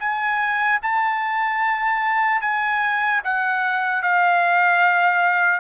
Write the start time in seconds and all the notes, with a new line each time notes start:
0.00 G#5
0.83 A5
2.41 G#5
3.24 F#5
4.03 F5